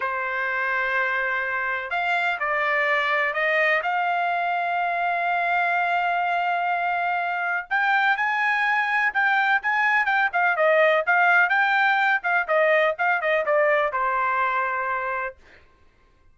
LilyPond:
\new Staff \with { instrumentName = "trumpet" } { \time 4/4 \tempo 4 = 125 c''1 | f''4 d''2 dis''4 | f''1~ | f''1 |
g''4 gis''2 g''4 | gis''4 g''8 f''8 dis''4 f''4 | g''4. f''8 dis''4 f''8 dis''8 | d''4 c''2. | }